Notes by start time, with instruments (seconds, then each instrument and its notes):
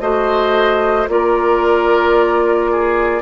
0.00 bassoon A3, clarinet F#4, oboe C5, flute D#5
1.08 bassoon A#3, clarinet F4, oboe A#4, flute D5
2.71 oboe G#4